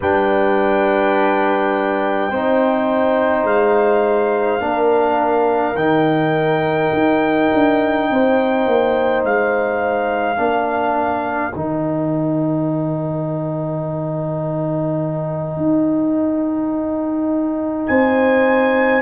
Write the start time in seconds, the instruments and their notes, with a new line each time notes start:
0.00 tuba G3, trombone D4, horn B4, trumpet G5
2.30 tuba C4, trombone D#4, horn C5
3.43 tuba G#3, trumpet F5
4.59 tuba A#3, trombone D4, horn A#4
5.75 tuba D#3, trombone D#4, trumpet G5
6.92 tuba D#4
7.53 tuba D4
8.10 tuba C4, horn C5
8.66 tuba A#3
9.24 tuba G#3, trumpet F5
10.36 tuba A#3, trombone D4, horn A#4
11.53 tuba D#3, trombone D#4, trumpet G5
15.56 tuba D#4
17.87 tuba C4, horn C5, trumpet G#5